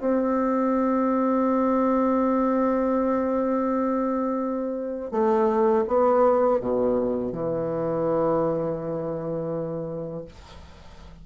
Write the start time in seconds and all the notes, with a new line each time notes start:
0.00 C4
5.12 A3
5.87 B3
6.60 B2
7.32 E3